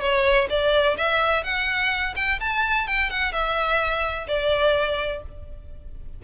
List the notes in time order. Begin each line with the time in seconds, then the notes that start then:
0.00 C#5
0.49 D5
0.97 E5
1.43 F#5
2.15 G5
2.39 A5
2.87 G5
3.10 F#5
3.32 E5
4.27 D5